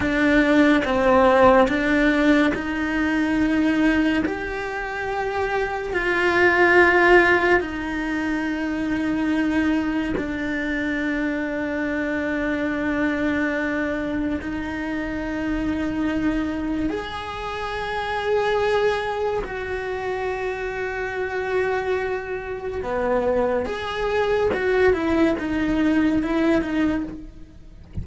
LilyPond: \new Staff \with { instrumentName = "cello" } { \time 4/4 \tempo 4 = 71 d'4 c'4 d'4 dis'4~ | dis'4 g'2 f'4~ | f'4 dis'2. | d'1~ |
d'4 dis'2. | gis'2. fis'4~ | fis'2. b4 | gis'4 fis'8 e'8 dis'4 e'8 dis'8 | }